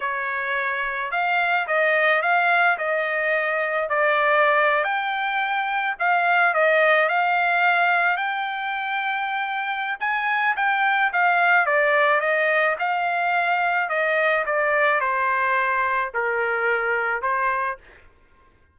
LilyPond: \new Staff \with { instrumentName = "trumpet" } { \time 4/4 \tempo 4 = 108 cis''2 f''4 dis''4 | f''4 dis''2 d''4~ | d''8. g''2 f''4 dis''16~ | dis''8. f''2 g''4~ g''16~ |
g''2 gis''4 g''4 | f''4 d''4 dis''4 f''4~ | f''4 dis''4 d''4 c''4~ | c''4 ais'2 c''4 | }